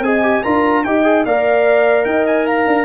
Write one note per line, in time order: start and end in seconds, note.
0.00 0.41 C4
0.00 0.23 G#4
0.00 0.43 D#5
0.00 0.43 G#5
0.23 0.43 G4
0.43 0.85 D4
0.43 0.85 F4
0.43 0.84 A#4
0.43 0.84 A#5
0.84 1.25 D#4
0.84 1.04 G4
0.84 1.26 D#5
0.84 1.25 G5
1.04 1.25 G#4
1.25 2.05 A#3
1.25 2.85 A#4
1.25 2.07 D5
1.25 2.05 F5
2.05 2.66 D#4
2.05 2.46 D#5
2.05 2.25 G5
2.27 2.47 G#5
2.46 2.85 F5
2.46 2.85 A#5
2.67 2.85 D4